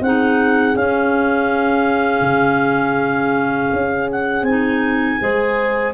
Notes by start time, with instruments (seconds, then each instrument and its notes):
0.00 tuba C4, clarinet D#4 F#5, horn G#4
0.75 tuba C#4, clarinet C#4 F5
2.21 tuba C#3
3.73 tuba C#4
4.11 clarinet F#5
4.42 tuba C4, clarinet D#4 G#5
5.20 tuba G#3, clarinet G#4, horn C5